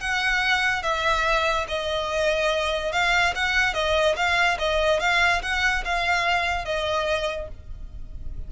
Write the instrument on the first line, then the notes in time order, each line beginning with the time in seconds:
violin
0.00 F#5
0.83 E5
1.68 D#5
2.92 F5
3.35 F#5
3.74 D#5
4.16 F5
4.59 D#5
5.00 F5
5.42 F#5
5.85 F5
6.65 D#5